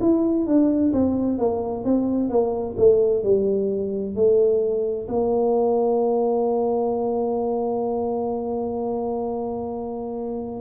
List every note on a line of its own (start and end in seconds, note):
0.00 0.46 E4
0.46 0.92 D4
0.93 1.38 C4
1.38 1.84 A#3
1.84 2.30 C4
2.30 2.76 A#3
2.77 3.23 A3
3.23 4.15 G3
4.15 5.07 A3
5.08 10.61 A#3